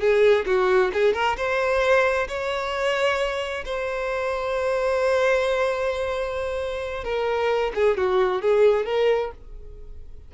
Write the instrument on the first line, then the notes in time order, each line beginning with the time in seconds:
violin
0.00 G#4
0.46 F#4
0.93 G#4
1.14 A#4
1.37 C5
2.28 C#5
3.65 C5
7.04 A#4
7.75 G#4
7.97 F#4
8.42 G#4
8.86 A#4